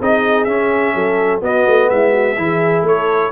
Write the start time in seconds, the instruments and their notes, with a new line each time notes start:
0.00 tuba C4, trombone D#4, horn G#4, trumpet D#5
0.45 tuba C#4, trombone C#4, trumpet E5
0.94 tuba F#3, horn A4
1.41 trombone B3, tuba B3, horn F#4, trumpet D#5
1.67 tuba A3
1.90 tuba G#3, horn E4, trumpet E5
2.12 horn F#4
2.37 tuba E3, trombone E4, horn G#4
2.82 tuba A3, horn A4, trumpet C#5